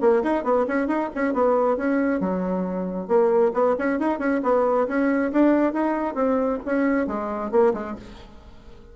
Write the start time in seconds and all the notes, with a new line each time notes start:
0.00 A#3
0.22 D#4
0.44 B3
0.67 C#4
0.87 D#4
1.14 C#4
1.33 B3
1.76 C#4
2.20 F#3
3.07 A#3
3.53 B3
3.78 C#4
3.99 D#4
4.19 C#4
4.43 B3
4.87 C#4
5.32 D4
5.73 D#4
6.14 C4
6.65 C#4
7.07 G#3
7.51 A#3
7.73 G#3